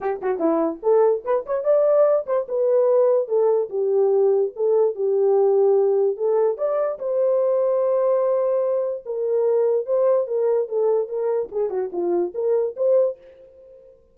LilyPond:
\new Staff \with { instrumentName = "horn" } { \time 4/4 \tempo 4 = 146 g'8 fis'8 e'4 a'4 b'8 cis''8 | d''4. c''8 b'2 | a'4 g'2 a'4 | g'2. a'4 |
d''4 c''2.~ | c''2 ais'2 | c''4 ais'4 a'4 ais'4 | gis'8 fis'8 f'4 ais'4 c''4 | }